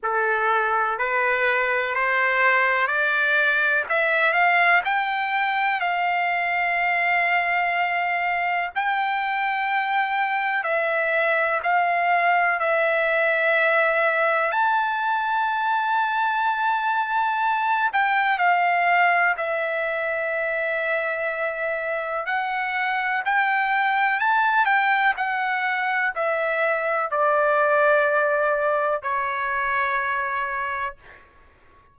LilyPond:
\new Staff \with { instrumentName = "trumpet" } { \time 4/4 \tempo 4 = 62 a'4 b'4 c''4 d''4 | e''8 f''8 g''4 f''2~ | f''4 g''2 e''4 | f''4 e''2 a''4~ |
a''2~ a''8 g''8 f''4 | e''2. fis''4 | g''4 a''8 g''8 fis''4 e''4 | d''2 cis''2 | }